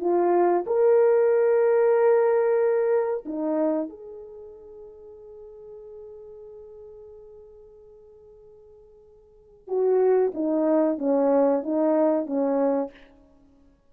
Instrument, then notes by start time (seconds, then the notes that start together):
horn
0.00 F4
0.67 A#4
3.26 D#4
3.89 G#4
9.68 F#4
10.34 D#4
10.98 C#4
11.63 D#4
12.26 C#4